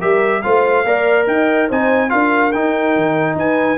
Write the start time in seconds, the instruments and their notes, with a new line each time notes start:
0.00 tuba G3, trombone G4, horn A#4, trumpet E5
0.42 tuba A3, trombone F4, horn C5, trumpet F5
0.84 tuba A#3, trombone A#4, horn D5
1.27 tuba D#4, horn D#5, trumpet G5
1.69 tuba C4, trombone D#4, horn C5, trumpet G#5
2.09 tuba D4, trombone F4, horn A#4, trumpet F5
2.52 trombone D#4, tuba D#4, trumpet G5
2.96 tuba D#3
3.35 tuba D#4, horn B4, trumpet G#5